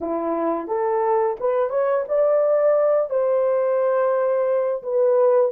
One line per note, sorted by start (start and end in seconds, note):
0.01 0.67 E4
0.67 1.36 A4
1.39 1.69 B4
1.69 2.04 C#5
2.08 3.10 D5
3.10 4.82 C5
4.82 5.51 B4